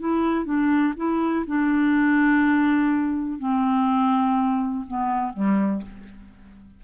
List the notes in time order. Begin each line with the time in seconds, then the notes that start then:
0.00 E4
0.45 D4
0.97 E4
1.47 D4
3.39 C4
4.87 B3
5.33 G3